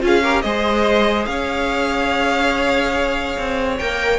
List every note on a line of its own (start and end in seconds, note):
0.00 0.44 C#4
0.00 0.21 F4
0.00 0.23 G#4
0.07 0.42 F5
0.23 0.44 G4
0.23 0.44 A#4
0.42 1.27 G#3
0.42 3.80 G#4
0.42 1.29 C5
0.42 1.25 D#5
1.25 3.37 C#4
1.25 4.19 C#5
1.25 3.77 F5
3.38 3.80 C4
3.79 4.19 A#3
3.79 4.19 A#4
3.79 4.19 G5